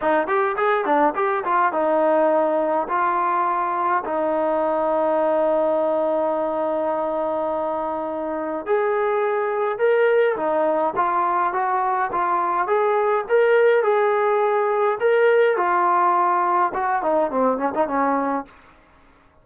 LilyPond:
\new Staff \with { instrumentName = "trombone" } { \time 4/4 \tempo 4 = 104 dis'8 g'8 gis'8 d'8 g'8 f'8 dis'4~ | dis'4 f'2 dis'4~ | dis'1~ | dis'2. gis'4~ |
gis'4 ais'4 dis'4 f'4 | fis'4 f'4 gis'4 ais'4 | gis'2 ais'4 f'4~ | f'4 fis'8 dis'8 c'8 cis'16 dis'16 cis'4 | }